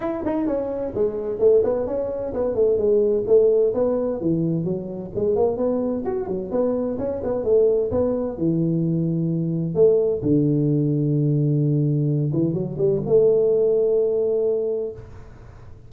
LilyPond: \new Staff \with { instrumentName = "tuba" } { \time 4/4 \tempo 4 = 129 e'8 dis'8 cis'4 gis4 a8 b8 | cis'4 b8 a8 gis4 a4 | b4 e4 fis4 gis8 ais8 | b4 fis'8 fis8 b4 cis'8 b8 |
a4 b4 e2~ | e4 a4 d2~ | d2~ d8 e8 fis8 g8 | a1 | }